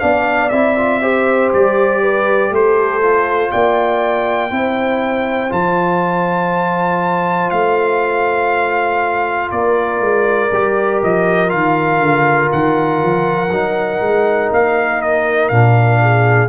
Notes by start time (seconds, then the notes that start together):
0.00 B3 D4 D5 F5
0.49 C4 E4 E5
0.77 F4
1.02 G4 C5
1.54 G3 D5
2.02 B4
2.50 A3 A4 C5
3.02 F4
3.51 A#3 D5 G5
4.50 C4 E4 C5
5.49 F3 F4 A5
7.50 A3 F5
9.50 A#3 A#4 D5
10.00 G#3
10.52 G3 G4
11.03 F3 D#5
11.48 D#3 F4 F5
12.00 D3
12.52 D#3 F#5
13.03 F3
13.50 F#3 D#4
14.01 G#3
14.51 A#3 F5
15.02 D#5
15.49 A#2 D4 F5
16.02 G#4